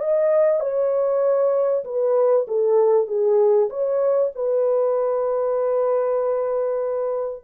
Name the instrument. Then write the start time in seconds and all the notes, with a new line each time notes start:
horn
0.00 D#5
0.60 C#5
1.85 B4
2.48 A4
3.07 G#4
3.70 C#5
4.35 B4